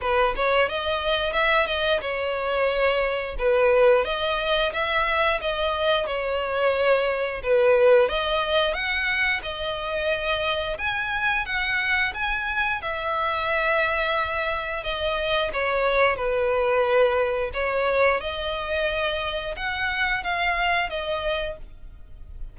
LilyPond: \new Staff \with { instrumentName = "violin" } { \time 4/4 \tempo 4 = 89 b'8 cis''8 dis''4 e''8 dis''8 cis''4~ | cis''4 b'4 dis''4 e''4 | dis''4 cis''2 b'4 | dis''4 fis''4 dis''2 |
gis''4 fis''4 gis''4 e''4~ | e''2 dis''4 cis''4 | b'2 cis''4 dis''4~ | dis''4 fis''4 f''4 dis''4 | }